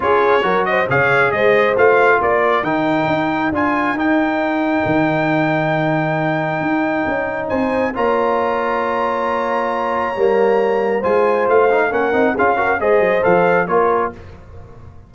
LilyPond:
<<
  \new Staff \with { instrumentName = "trumpet" } { \time 4/4 \tempo 4 = 136 cis''4. dis''8 f''4 dis''4 | f''4 d''4 g''2 | gis''4 g''2.~ | g''1~ |
g''4 gis''4 ais''2~ | ais''1~ | ais''4 gis''4 f''4 fis''4 | f''4 dis''4 f''4 cis''4 | }
  \new Staff \with { instrumentName = "horn" } { \time 4/4 gis'4 ais'8 c''8 cis''4 c''4~ | c''4 ais'2.~ | ais'1~ | ais'1~ |
ais'4 c''4 cis''2~ | cis''1~ | cis''4 c''2 ais'4 | gis'8 ais'8 c''2 ais'4 | }
  \new Staff \with { instrumentName = "trombone" } { \time 4/4 f'4 fis'4 gis'2 | f'2 dis'2 | f'4 dis'2.~ | dis'1~ |
dis'2 f'2~ | f'2. ais4~ | ais4 f'4. dis'8 cis'8 dis'8 | f'8 fis'8 gis'4 a'4 f'4 | }
  \new Staff \with { instrumentName = "tuba" } { \time 4/4 cis'4 fis4 cis4 gis4 | a4 ais4 dis4 dis'4 | d'4 dis'2 dis4~ | dis2. dis'4 |
cis'4 c'4 ais2~ | ais2. g4~ | g4 gis4 a4 ais8 c'8 | cis'4 gis8 fis8 f4 ais4 | }
>>